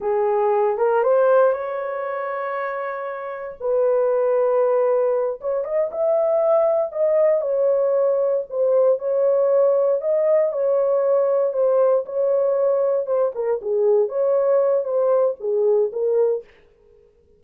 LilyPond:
\new Staff \with { instrumentName = "horn" } { \time 4/4 \tempo 4 = 117 gis'4. ais'8 c''4 cis''4~ | cis''2. b'4~ | b'2~ b'8 cis''8 dis''8 e''8~ | e''4. dis''4 cis''4.~ |
cis''8 c''4 cis''2 dis''8~ | dis''8 cis''2 c''4 cis''8~ | cis''4. c''8 ais'8 gis'4 cis''8~ | cis''4 c''4 gis'4 ais'4 | }